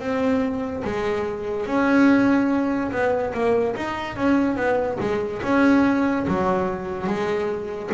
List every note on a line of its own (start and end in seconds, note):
0.00 0.83 C4
0.84 1.67 G#3
1.67 2.92 C#4
2.92 3.33 B3
3.34 3.76 A#3
3.76 4.16 D#4
4.16 4.57 C#4
4.57 4.98 B3
5.01 5.42 G#3
5.43 6.27 C#4
6.28 7.08 F#3
7.08 7.91 G#3